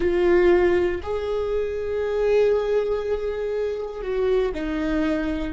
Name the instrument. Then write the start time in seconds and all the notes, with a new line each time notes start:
viola
0.00 F4
1.02 G#4
4.01 F#4
4.54 D#4